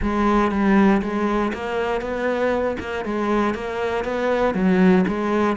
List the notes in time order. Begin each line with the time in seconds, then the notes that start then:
0.02 G#3
0.51 G3
1.02 G#3
1.53 A#3
2.01 B3
2.79 A#3
3.04 G#3
3.54 A#3
4.04 B3
4.54 F#3
5.07 G#3